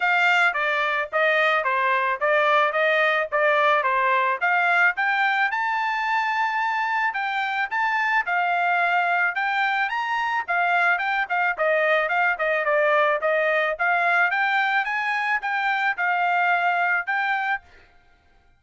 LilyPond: \new Staff \with { instrumentName = "trumpet" } { \time 4/4 \tempo 4 = 109 f''4 d''4 dis''4 c''4 | d''4 dis''4 d''4 c''4 | f''4 g''4 a''2~ | a''4 g''4 a''4 f''4~ |
f''4 g''4 ais''4 f''4 | g''8 f''8 dis''4 f''8 dis''8 d''4 | dis''4 f''4 g''4 gis''4 | g''4 f''2 g''4 | }